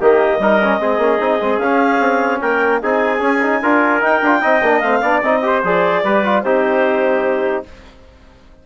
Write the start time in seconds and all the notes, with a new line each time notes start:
0.00 D#3 A#3 G4 D#5
0.38 G3 D#4 A#4
0.63 C#4
0.79 G#3 C4 G#4
0.97 A#3 C#4
1.19 C4 D#4
1.41 G#3 C4
1.58 C#4 F5
1.99 C4
2.40 A#3 A#4 G5
2.81 C4 D#4 G#4 G#5
3.18 C#4
3.42 D#4
3.62 D4 F4 A#4
4.00 D#4 G5
4.22 D4 F4
4.40 C4 D#4 D#5
4.62 A#3 D4
4.79 A3 C4 F5
5.01 B3 D4 D5
5.21 C4 D#4 D#5
5.42 G4 C5
5.63 F3 G#4 D5
6.03 G3 G4 B4
6.24 F4
6.42 C4 D#4 G4 C5